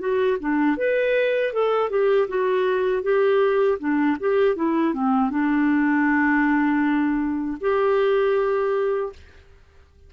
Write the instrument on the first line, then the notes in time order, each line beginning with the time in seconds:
clarinet
0.00 F#4
0.40 D4
0.77 B4
1.53 A4
1.90 G4
2.29 F#4
3.03 G4
3.79 D4
4.20 G4
4.56 E4
4.94 C4
5.30 D4
7.61 G4